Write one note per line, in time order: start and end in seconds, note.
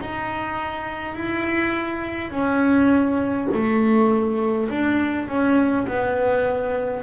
0.00 1.14 D#4
1.14 2.30 E4
2.30 3.48 C#4
3.53 4.69 A3
4.69 5.27 D4
5.27 5.86 C#4
5.87 7.03 B3